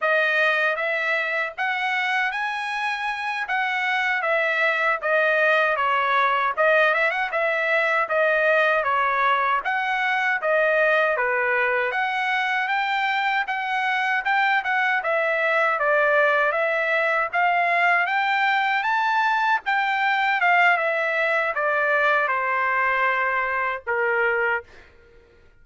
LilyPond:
\new Staff \with { instrumentName = "trumpet" } { \time 4/4 \tempo 4 = 78 dis''4 e''4 fis''4 gis''4~ | gis''8 fis''4 e''4 dis''4 cis''8~ | cis''8 dis''8 e''16 fis''16 e''4 dis''4 cis''8~ | cis''8 fis''4 dis''4 b'4 fis''8~ |
fis''8 g''4 fis''4 g''8 fis''8 e''8~ | e''8 d''4 e''4 f''4 g''8~ | g''8 a''4 g''4 f''8 e''4 | d''4 c''2 ais'4 | }